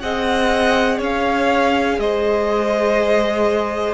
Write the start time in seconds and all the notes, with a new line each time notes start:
0.00 C4 G#4 D#5 F#5
0.98 C#4 C#5 F5
1.98 G#3 C5 D#5